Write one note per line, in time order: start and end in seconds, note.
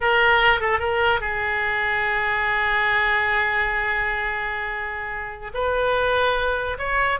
0.00 0.60 A#4
0.60 0.79 A4
0.79 1.20 A#4
1.20 5.51 G#4
5.54 6.77 B4
6.78 7.19 C#5